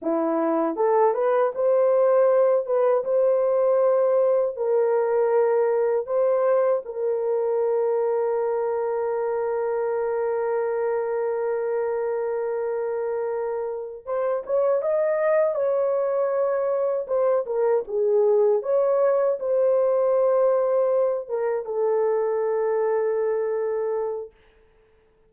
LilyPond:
\new Staff \with { instrumentName = "horn" } { \time 4/4 \tempo 4 = 79 e'4 a'8 b'8 c''4. b'8 | c''2 ais'2 | c''4 ais'2.~ | ais'1~ |
ais'2~ ais'8 c''8 cis''8 dis''8~ | dis''8 cis''2 c''8 ais'8 gis'8~ | gis'8 cis''4 c''2~ c''8 | ais'8 a'2.~ a'8 | }